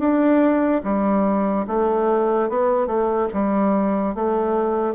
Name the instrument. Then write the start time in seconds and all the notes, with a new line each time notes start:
bassoon
0.00 D4
0.84 G3
1.68 A3
2.50 B3
2.87 A3
3.34 G3
4.15 A3